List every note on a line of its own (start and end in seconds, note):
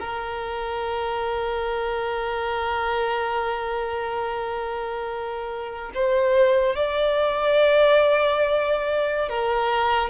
0.00 5.92 A#4
5.95 6.76 C5
6.76 9.29 D5
9.29 10.10 A#4